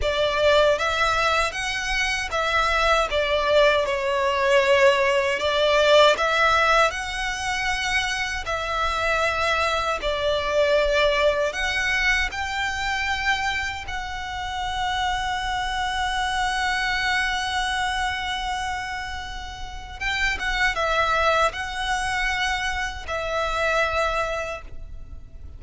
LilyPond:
\new Staff \with { instrumentName = "violin" } { \time 4/4 \tempo 4 = 78 d''4 e''4 fis''4 e''4 | d''4 cis''2 d''4 | e''4 fis''2 e''4~ | e''4 d''2 fis''4 |
g''2 fis''2~ | fis''1~ | fis''2 g''8 fis''8 e''4 | fis''2 e''2 | }